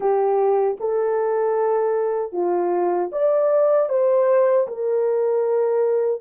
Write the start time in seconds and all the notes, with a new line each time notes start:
0.00 G4
0.80 A4
2.32 F4
3.12 D5
3.89 C5
4.67 A#4